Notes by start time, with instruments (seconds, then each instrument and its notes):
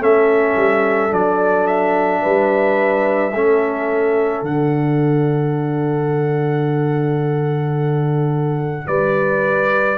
0.00 tuba A3, trombone C#4, horn A4, trumpet E5
0.56 tuba G3
1.10 tuba F#3, trombone D4, trumpet D5
1.67 trumpet E5
2.22 tuba G3, horn B4
3.33 tuba A3, trombone C#4, horn A4
4.42 tuba D3, trombone D4, trumpet F#5
8.87 tuba G3, horn B4, trumpet D5